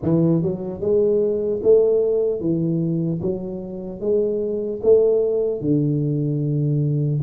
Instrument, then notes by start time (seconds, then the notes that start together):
tuba
0.02 E3
0.42 F#3
0.80 G#3
1.63 A3
2.40 E3
3.21 F#3
4.00 G#3
4.82 A3
5.60 D3